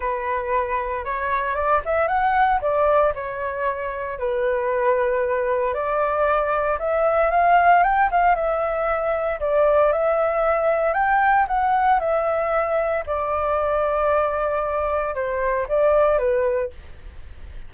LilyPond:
\new Staff \with { instrumentName = "flute" } { \time 4/4 \tempo 4 = 115 b'2 cis''4 d''8 e''8 | fis''4 d''4 cis''2 | b'2. d''4~ | d''4 e''4 f''4 g''8 f''8 |
e''2 d''4 e''4~ | e''4 g''4 fis''4 e''4~ | e''4 d''2.~ | d''4 c''4 d''4 b'4 | }